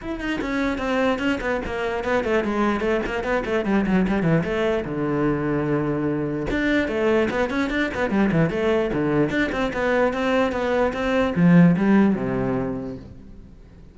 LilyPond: \new Staff \with { instrumentName = "cello" } { \time 4/4 \tempo 4 = 148 e'8 dis'8 cis'4 c'4 cis'8 b8 | ais4 b8 a8 gis4 a8 ais8 | b8 a8 g8 fis8 g8 e8 a4 | d1 |
d'4 a4 b8 cis'8 d'8 b8 | g8 e8 a4 d4 d'8 c'8 | b4 c'4 b4 c'4 | f4 g4 c2 | }